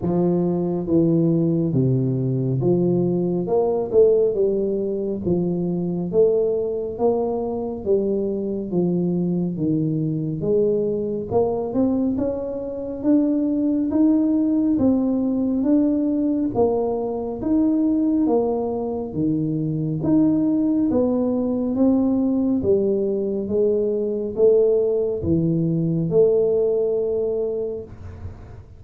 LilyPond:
\new Staff \with { instrumentName = "tuba" } { \time 4/4 \tempo 4 = 69 f4 e4 c4 f4 | ais8 a8 g4 f4 a4 | ais4 g4 f4 dis4 | gis4 ais8 c'8 cis'4 d'4 |
dis'4 c'4 d'4 ais4 | dis'4 ais4 dis4 dis'4 | b4 c'4 g4 gis4 | a4 e4 a2 | }